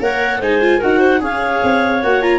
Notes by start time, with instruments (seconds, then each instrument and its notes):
0.00 tuba A#3, viola A#4, clarinet C#5 F#5
0.40 tuba G#3, viola D#4, clarinet C5 G#5
0.61 viola F4
0.79 tuba D#4, viola F#4, clarinet A#4 F#5
0.99 clarinet C5
1.20 tuba C#4, viola G#4, clarinet C#5 F5
1.63 tuba C4
2.03 tuba A#3, viola F#4, clarinet F#5
2.22 viola F4, clarinet A#5